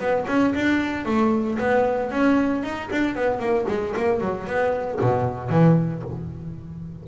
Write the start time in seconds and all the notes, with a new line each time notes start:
0.00 B3
0.28 C#4
0.55 D4
1.06 A3
1.59 B3
2.11 C#4
2.64 D#4
2.92 D4
3.16 B3
3.40 A#3
3.68 G#3
3.97 A#3
4.21 F#3
4.47 B3
5.01 B2
5.50 E3